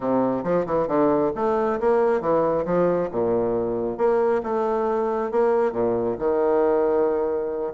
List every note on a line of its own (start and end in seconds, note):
0.00 0.43 C3
0.43 0.65 F3
0.66 0.87 E3
0.87 1.31 D3
1.35 1.79 A3
1.80 2.20 A#3
2.20 2.65 E3
2.65 3.09 F3
3.11 3.97 A#2
3.97 4.41 A#3
4.43 5.31 A3
5.31 5.72 A#3
5.72 6.16 A#2
6.18 7.73 D#3